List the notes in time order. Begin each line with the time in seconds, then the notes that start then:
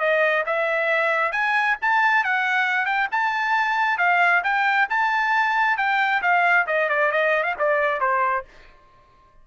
0.00 D#5
0.46 E5
1.33 G#5
1.82 A5
2.24 F#5
2.86 G5
3.12 A5
3.99 F5
4.44 G5
4.90 A5
5.78 G5
6.22 F5
6.67 D#5
6.90 D5
7.12 D#5
7.44 F5
7.59 D5
8.01 C5